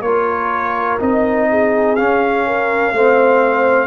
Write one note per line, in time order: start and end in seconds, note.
0.00 0.97 A#3
0.00 1.00 F4
0.00 1.49 A#4
0.00 0.98 C#5
1.00 1.98 C4
1.00 1.96 D#4
1.00 1.95 D#5
1.49 2.46 G#4
1.95 2.92 C#4
1.95 2.95 C#4
1.95 3.86 F5
2.46 2.94 A#4
2.92 3.86 A3
2.92 3.86 C4
2.92 3.86 C5